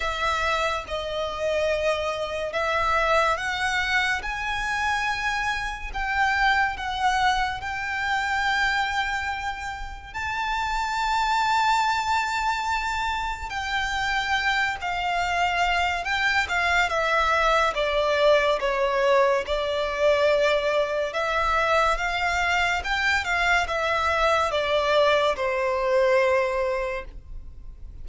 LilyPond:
\new Staff \with { instrumentName = "violin" } { \time 4/4 \tempo 4 = 71 e''4 dis''2 e''4 | fis''4 gis''2 g''4 | fis''4 g''2. | a''1 |
g''4. f''4. g''8 f''8 | e''4 d''4 cis''4 d''4~ | d''4 e''4 f''4 g''8 f''8 | e''4 d''4 c''2 | }